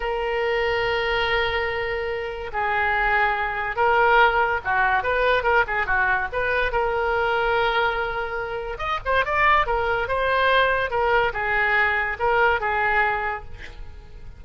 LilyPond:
\new Staff \with { instrumentName = "oboe" } { \time 4/4 \tempo 4 = 143 ais'1~ | ais'2 gis'2~ | gis'4 ais'2 fis'4 | b'4 ais'8 gis'8 fis'4 b'4 |
ais'1~ | ais'4 dis''8 c''8 d''4 ais'4 | c''2 ais'4 gis'4~ | gis'4 ais'4 gis'2 | }